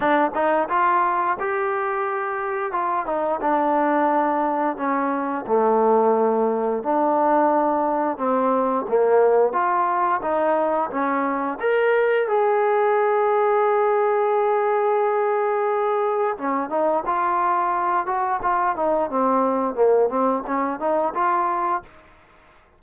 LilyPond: \new Staff \with { instrumentName = "trombone" } { \time 4/4 \tempo 4 = 88 d'8 dis'8 f'4 g'2 | f'8 dis'8 d'2 cis'4 | a2 d'2 | c'4 ais4 f'4 dis'4 |
cis'4 ais'4 gis'2~ | gis'1 | cis'8 dis'8 f'4. fis'8 f'8 dis'8 | c'4 ais8 c'8 cis'8 dis'8 f'4 | }